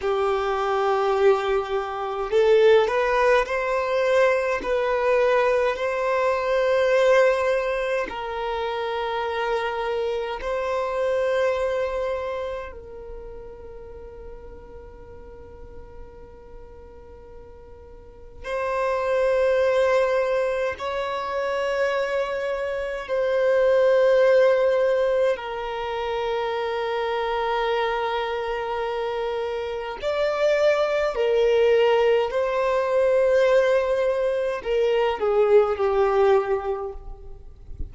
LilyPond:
\new Staff \with { instrumentName = "violin" } { \time 4/4 \tempo 4 = 52 g'2 a'8 b'8 c''4 | b'4 c''2 ais'4~ | ais'4 c''2 ais'4~ | ais'1 |
c''2 cis''2 | c''2 ais'2~ | ais'2 d''4 ais'4 | c''2 ais'8 gis'8 g'4 | }